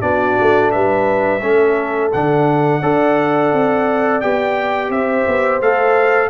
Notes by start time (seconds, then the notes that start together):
0.00 B3 D4 F#4 D5
0.40 A3
0.71 G3 B4 E5
1.41 A3 C#4 A4
2.12 D3 D4 F#5
2.81 D4 A4 D5
3.52 C4
4.21 B3 G4 G5
4.89 C4 C5 E5
5.27 B3
5.61 A3 A4 F5